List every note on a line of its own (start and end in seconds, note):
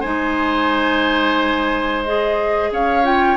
0.00 2.71 G#3
0.00 2.05 D#4
0.00 2.70 C5
0.00 2.03 G#5
2.04 3.04 G#4
2.04 2.71 D#5
2.71 3.37 C#4
2.71 3.37 C#5
2.71 3.05 F5
3.04 3.37 F4
3.04 3.37 G5